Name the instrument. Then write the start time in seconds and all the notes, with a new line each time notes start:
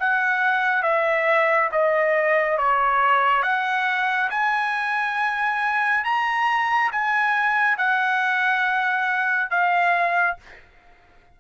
trumpet
0.00 F#5
0.83 E5
1.72 D#5
2.58 C#5
3.43 F#5
4.30 G#5
6.04 A#5
6.92 G#5
7.77 F#5
9.51 F5